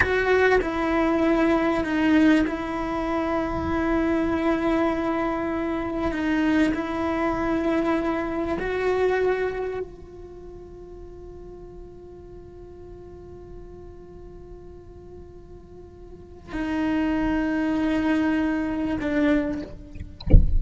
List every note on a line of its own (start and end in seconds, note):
0.00 0.59 F#4
0.61 1.84 E4
1.84 2.45 D#4
2.47 6.11 E4
6.11 6.73 D#4
6.73 8.57 E4
8.59 9.79 F#4
9.79 16.52 F4
16.52 18.97 D#4
19.00 19.62 D4